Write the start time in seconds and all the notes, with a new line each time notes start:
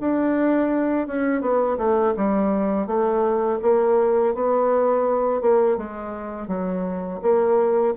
0.00 D4
1.07 C#4
1.41 B3
1.77 A3
2.17 G3
2.87 A3
3.62 A#3
4.34 B3
5.41 A#3
5.77 G#3
6.47 F#3
7.22 A#3